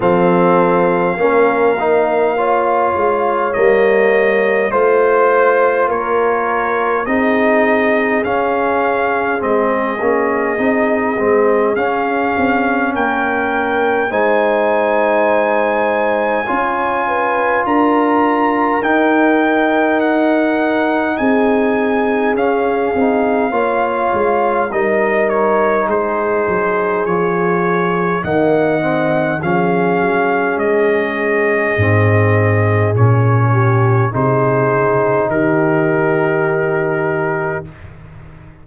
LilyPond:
<<
  \new Staff \with { instrumentName = "trumpet" } { \time 4/4 \tempo 4 = 51 f''2. dis''4 | c''4 cis''4 dis''4 f''4 | dis''2 f''4 g''4 | gis''2. ais''4 |
g''4 fis''4 gis''4 f''4~ | f''4 dis''8 cis''8 c''4 cis''4 | fis''4 f''4 dis''2 | cis''4 c''4 ais'2 | }
  \new Staff \with { instrumentName = "horn" } { \time 4/4 a'4 ais'4 cis''2 | c''4 ais'4 gis'2~ | gis'2. ais'4 | c''2 cis''8 b'8 ais'4~ |
ais'2 gis'2 | cis''4 ais'4 gis'2 | dis''4 gis'2.~ | gis'8 g'8 gis'4 g'2 | }
  \new Staff \with { instrumentName = "trombone" } { \time 4/4 c'4 cis'8 dis'8 f'4 ais4 | f'2 dis'4 cis'4 | c'8 cis'8 dis'8 c'8 cis'2 | dis'2 f'2 |
dis'2. cis'8 dis'8 | f'4 dis'2 f'4 | ais8 c'8 cis'2 c'4 | cis'4 dis'2. | }
  \new Staff \with { instrumentName = "tuba" } { \time 4/4 f4 ais4. gis8 g4 | a4 ais4 c'4 cis'4 | gis8 ais8 c'8 gis8 cis'8 c'8 ais4 | gis2 cis'4 d'4 |
dis'2 c'4 cis'8 c'8 | ais8 gis8 g4 gis8 fis8 f4 | dis4 f8 fis8 gis4 gis,4 | ais,4 c8 cis8 dis2 | }
>>